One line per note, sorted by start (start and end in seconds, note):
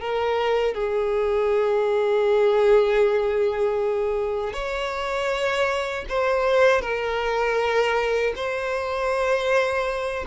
0.00 0.74 A#4
0.74 4.53 G#4
4.53 6.05 C#5
6.09 6.81 C5
6.81 8.33 A#4
8.35 10.25 C5